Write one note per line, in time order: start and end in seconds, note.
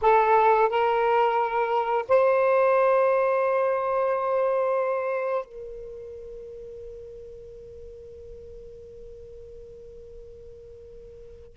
0.01 0.68 A4
0.68 2.05 A#4
2.08 5.45 C5
5.45 11.57 A#4